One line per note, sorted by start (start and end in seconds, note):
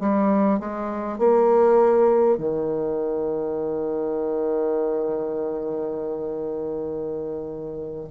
0.00 0.59 G3
0.59 1.18 G#3
1.18 2.37 A#3
2.37 8.07 D#3